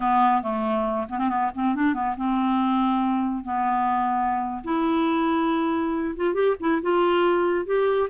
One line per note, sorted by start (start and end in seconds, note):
0.00 0.42 B3
0.42 1.07 A3
1.09 1.18 B3
1.18 1.29 C4
1.29 1.50 B3
1.54 1.75 C4
1.75 1.94 D4
1.94 2.15 B3
2.16 3.44 C4
3.44 4.62 B3
4.64 6.15 E4
6.15 6.34 F4
6.34 6.55 G4
6.59 6.81 E4
6.81 7.65 F4
7.65 8.08 G4